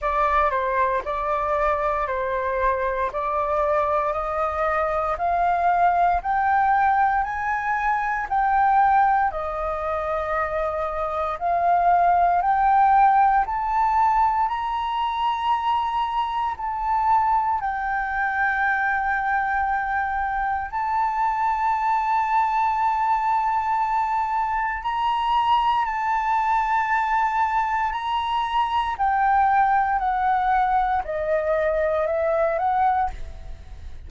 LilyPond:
\new Staff \with { instrumentName = "flute" } { \time 4/4 \tempo 4 = 58 d''8 c''8 d''4 c''4 d''4 | dis''4 f''4 g''4 gis''4 | g''4 dis''2 f''4 | g''4 a''4 ais''2 |
a''4 g''2. | a''1 | ais''4 a''2 ais''4 | g''4 fis''4 dis''4 e''8 fis''8 | }